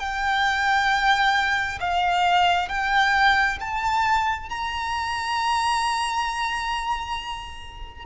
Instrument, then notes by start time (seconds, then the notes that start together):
violin
0.00 G5
1.81 F5
2.69 G5
3.61 A5
4.50 A#5